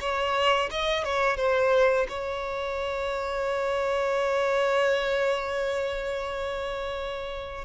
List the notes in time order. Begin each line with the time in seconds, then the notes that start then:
0.00 C#5
0.71 D#5
1.04 C#5
1.37 C5
2.09 C#5